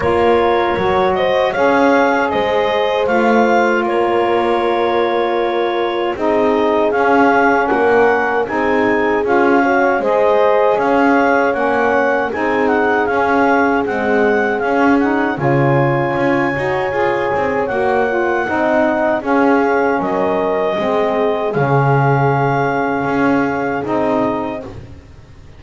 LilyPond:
<<
  \new Staff \with { instrumentName = "clarinet" } { \time 4/4 \tempo 4 = 78 cis''4. dis''8 f''4 dis''4 | f''4 cis''2. | dis''4 f''4 fis''4 gis''4 | f''4 dis''4 f''4 fis''4 |
gis''8 fis''8 f''4 fis''4 f''8 fis''8 | gis''2. fis''4~ | fis''4 f''4 dis''2 | f''2. dis''4 | }
  \new Staff \with { instrumentName = "horn" } { \time 4/4 ais'4. c''8 cis''4 c''4~ | c''4 ais'2. | gis'2 ais'4 gis'4~ | gis'8 cis''8 c''4 cis''2 |
gis'1 | cis''1 | dis''4 gis'4 ais'4 gis'4~ | gis'1 | }
  \new Staff \with { instrumentName = "saxophone" } { \time 4/4 f'4 fis'4 gis'2 | f'1 | dis'4 cis'2 dis'4 | f'8 fis'8 gis'2 cis'4 |
dis'4 cis'4 gis4 cis'8 dis'8 | f'4. fis'8 gis'4 fis'8 f'8 | dis'4 cis'2 c'4 | cis'2. dis'4 | }
  \new Staff \with { instrumentName = "double bass" } { \time 4/4 ais4 fis4 cis'4 gis4 | a4 ais2. | c'4 cis'4 ais4 c'4 | cis'4 gis4 cis'4 ais4 |
c'4 cis'4 c'4 cis'4 | cis4 cis'8 dis'8 f'8 c'8 ais4 | c'4 cis'4 fis4 gis4 | cis2 cis'4 c'4 | }
>>